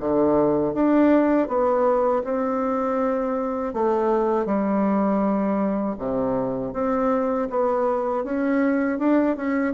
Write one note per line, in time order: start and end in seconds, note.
0.00 0.74 D3
0.74 1.48 D4
1.48 2.23 B3
2.24 3.73 C4
3.73 4.46 A3
4.46 5.96 G3
5.98 6.73 C3
6.73 7.48 C4
7.50 8.24 B3
8.24 8.99 C#4
8.99 9.36 D4
9.36 9.74 C#4